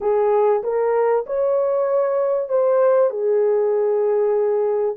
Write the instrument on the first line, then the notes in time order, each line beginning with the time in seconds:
horn
0.00 G#4
0.63 A#4
1.26 C#5
2.48 C5
3.10 G#4